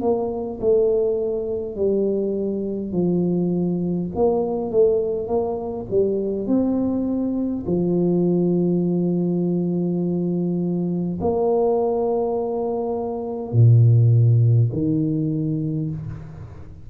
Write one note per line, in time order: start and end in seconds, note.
0.00 0.59 A#3
0.60 1.75 A3
1.75 2.92 G3
2.92 4.10 F3
4.14 4.71 A#3
4.71 5.27 A3
5.27 5.86 A#3
5.90 6.47 G3
6.47 7.64 C4
7.66 11.19 F3
11.21 13.52 A#3
13.52 14.70 A#2
14.72 15.90 D#3